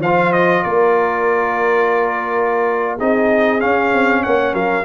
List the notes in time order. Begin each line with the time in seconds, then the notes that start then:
0.00 F3 F4 C5 F5
0.33 D#5
0.63 A#3 A#4 D5
2.96 C4 D#4 G#4 D#5
3.60 C#4 F5
3.94 C4
4.23 A#3 C#5 F#5
4.53 F#3 A#4 F5